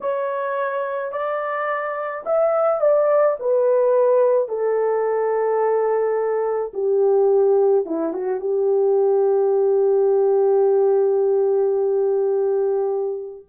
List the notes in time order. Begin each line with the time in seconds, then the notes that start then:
0.00 C#5
1.12 D5
2.25 E5
2.80 D5
3.39 B4
4.48 A4
6.73 G4
7.85 E4
8.13 F#4
8.40 G4